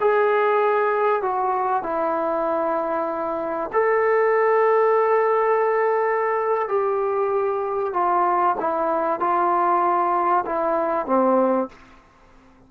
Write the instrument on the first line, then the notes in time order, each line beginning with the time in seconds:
trombone
0.00 G#4
1.22 F#4
1.83 E4
3.73 A4
6.68 G4
7.93 F4
8.60 E4
9.20 F4
10.46 E4
11.06 C4